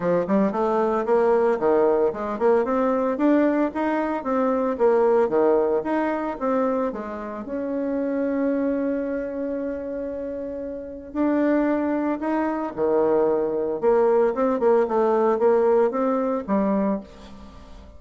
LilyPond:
\new Staff \with { instrumentName = "bassoon" } { \time 4/4 \tempo 4 = 113 f8 g8 a4 ais4 dis4 | gis8 ais8 c'4 d'4 dis'4 | c'4 ais4 dis4 dis'4 | c'4 gis4 cis'2~ |
cis'1~ | cis'4 d'2 dis'4 | dis2 ais4 c'8 ais8 | a4 ais4 c'4 g4 | }